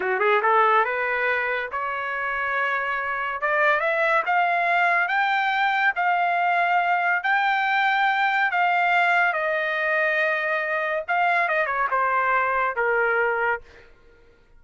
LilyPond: \new Staff \with { instrumentName = "trumpet" } { \time 4/4 \tempo 4 = 141 fis'8 gis'8 a'4 b'2 | cis''1 | d''4 e''4 f''2 | g''2 f''2~ |
f''4 g''2. | f''2 dis''2~ | dis''2 f''4 dis''8 cis''8 | c''2 ais'2 | }